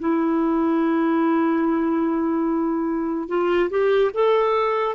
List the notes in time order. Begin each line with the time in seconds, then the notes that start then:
0.00 E4
3.28 F4
3.70 G4
4.14 A4